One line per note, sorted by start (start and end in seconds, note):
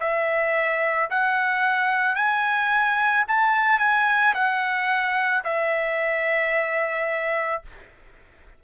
0.00 1.09 E5
1.10 2.15 F#5
2.15 3.24 G#5
3.28 3.79 A5
3.79 4.33 G#5
4.34 5.43 F#5
5.44 7.62 E5